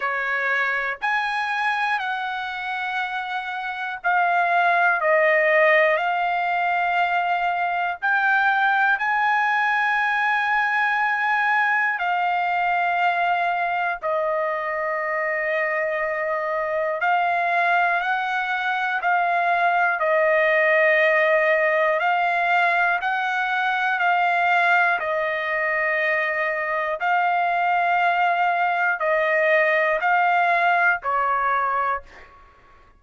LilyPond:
\new Staff \with { instrumentName = "trumpet" } { \time 4/4 \tempo 4 = 60 cis''4 gis''4 fis''2 | f''4 dis''4 f''2 | g''4 gis''2. | f''2 dis''2~ |
dis''4 f''4 fis''4 f''4 | dis''2 f''4 fis''4 | f''4 dis''2 f''4~ | f''4 dis''4 f''4 cis''4 | }